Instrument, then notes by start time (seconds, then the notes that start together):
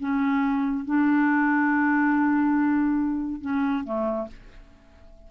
clarinet
0.00 C#4
0.85 D4
3.42 C#4
3.85 A3